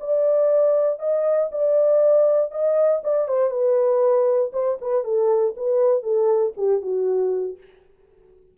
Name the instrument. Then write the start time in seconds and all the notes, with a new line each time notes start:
horn
0.00 D5
0.99 D#5
1.52 D5
2.51 D#5
3.04 D5
3.28 C5
3.51 B4
4.53 C5
4.81 B4
5.04 A4
5.57 B4
6.03 A4
6.57 G4
6.82 F#4